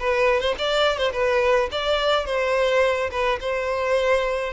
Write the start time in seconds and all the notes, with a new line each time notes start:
0.00 B4
0.41 C5
0.59 D5
0.98 C5
1.13 B4
1.72 D5
2.26 C5
3.11 B4
3.41 C5